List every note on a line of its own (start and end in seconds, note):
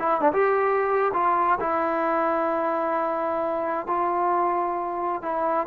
0.00 0.21 E4
0.21 0.33 D4
0.33 1.13 G4
1.14 1.60 F4
1.61 3.87 E4
3.87 5.23 F4
5.23 5.67 E4